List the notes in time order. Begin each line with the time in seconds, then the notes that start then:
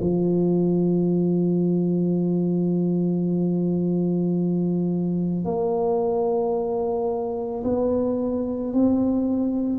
0.00 F3
5.44 A#3
7.64 B3
8.73 C4